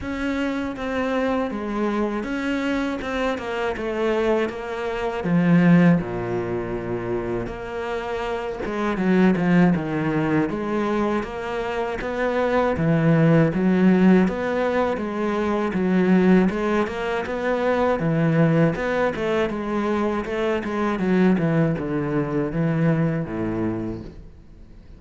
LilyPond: \new Staff \with { instrumentName = "cello" } { \time 4/4 \tempo 4 = 80 cis'4 c'4 gis4 cis'4 | c'8 ais8 a4 ais4 f4 | ais,2 ais4. gis8 | fis8 f8 dis4 gis4 ais4 |
b4 e4 fis4 b4 | gis4 fis4 gis8 ais8 b4 | e4 b8 a8 gis4 a8 gis8 | fis8 e8 d4 e4 a,4 | }